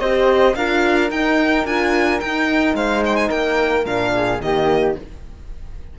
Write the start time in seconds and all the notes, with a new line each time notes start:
0.00 C4 G4 C5 D#5
0.55 D4 F4 A#4 F5
1.11 D#4 G5
1.65 D4 F4 G#5
2.20 D#4 G5
2.74 G#3 C5 F5
3.06 G5
3.16 G#5
3.28 A#3 A#4 G5
3.85 A#2 D4 F5
4.14 G#4
4.40 D#3 A#3 G4 D#5